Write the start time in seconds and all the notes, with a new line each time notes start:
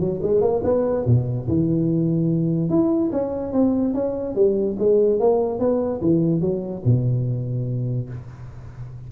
0.00 F#3
0.22 G#3
0.41 A#3
0.64 B3
1.06 B2
1.48 E3
2.70 E4
3.12 C#4
3.53 C4
3.94 C#4
4.35 G3
4.79 G#3
5.20 A#3
5.59 B3
6.01 E3
6.41 F#3
6.85 B2